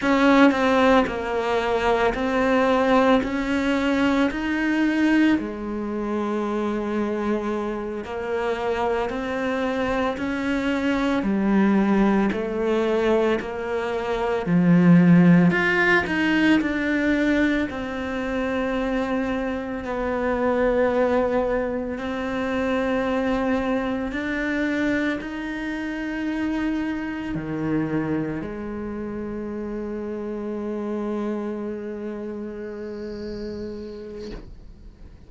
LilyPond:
\new Staff \with { instrumentName = "cello" } { \time 4/4 \tempo 4 = 56 cis'8 c'8 ais4 c'4 cis'4 | dis'4 gis2~ gis8 ais8~ | ais8 c'4 cis'4 g4 a8~ | a8 ais4 f4 f'8 dis'8 d'8~ |
d'8 c'2 b4.~ | b8 c'2 d'4 dis'8~ | dis'4. dis4 gis4.~ | gis1 | }